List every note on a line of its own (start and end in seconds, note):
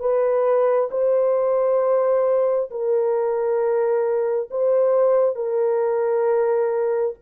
0.00 0.90 B4
0.91 2.70 C5
2.71 4.50 A#4
4.51 5.36 C5
5.36 7.15 A#4